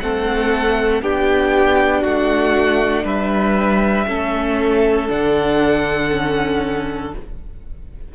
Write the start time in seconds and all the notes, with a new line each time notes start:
0.00 A3 C4 A4 F#5
1.02 B3 D4 G4 G5
2.01 A3 F#4 F#5
3.04 G3 B4 E5
4.07 A3 C#4 A4
5.08 D3 D4 F#5
6.10 C#4